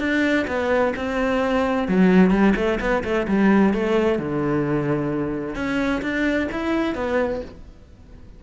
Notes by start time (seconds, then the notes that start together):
0.00 D4
0.48 B3
0.96 C4
1.88 F#3
2.31 G3
2.56 A3
2.80 B3
3.04 A3
3.28 G3
3.74 A3
4.19 D3
5.56 C#4
6.02 D4
6.52 E4
6.95 B3